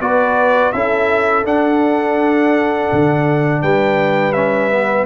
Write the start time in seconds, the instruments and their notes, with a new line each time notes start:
0.00 tuba B3, trombone F#4, horn B4, trumpet D5
0.72 tuba C#4, trombone E4, horn A4, trumpet E5
1.44 trombone D4, tuba D4, trumpet F#5
2.92 tuba D3
3.62 tuba G3, horn B4, trumpet G5
4.33 trombone C#4, trumpet E5
4.71 trombone B3